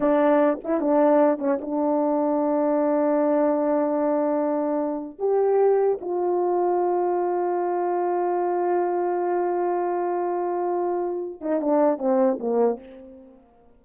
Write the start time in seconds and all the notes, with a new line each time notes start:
0.00 D4
0.64 E4
0.80 D4
1.38 C#4
1.61 D4
5.19 G4
6.00 F4
11.40 D#4
11.60 D4
11.98 C4
12.39 A#3